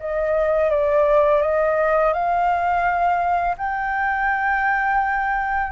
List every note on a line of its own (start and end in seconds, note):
0.00 0.71 D#5
0.71 1.42 D5
1.42 2.14 D#5
2.14 3.56 F5
3.58 5.72 G5